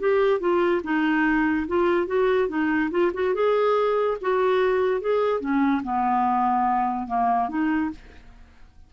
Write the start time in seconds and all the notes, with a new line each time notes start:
0.00 G4
0.41 F4
0.84 D#4
1.68 F4
2.07 F#4
2.49 D#4
2.91 F4
3.14 F#4
3.35 G#4
4.22 F#4
5.01 G#4
5.41 C#4
5.84 B3
7.08 A#3
7.49 D#4